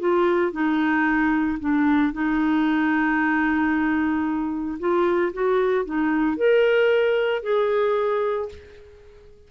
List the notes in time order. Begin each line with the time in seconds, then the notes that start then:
0.00 F4
0.53 D#4
1.60 D4
2.13 D#4
4.80 F4
5.34 F#4
5.86 D#4
6.37 A#4
7.43 G#4